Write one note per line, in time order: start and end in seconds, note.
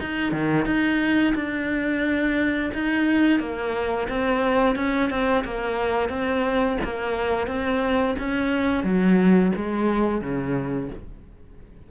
0.00 0.32 D#4
0.32 0.66 D#3
0.66 1.34 D#4
1.35 2.71 D4
2.74 3.40 D#4
3.40 4.08 A#3
4.09 4.76 C4
4.76 5.10 C#4
5.10 5.44 C4
5.45 6.10 A#3
6.10 6.78 C4
6.84 7.47 A#3
7.47 8.15 C4
8.19 8.84 C#4
8.84 9.52 F#3
9.55 10.21 G#3
10.21 10.89 C#3